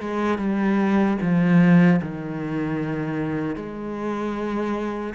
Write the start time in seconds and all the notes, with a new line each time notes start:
0.00 G#3
0.38 G3
1.22 F3
2.02 D#3
3.56 G#3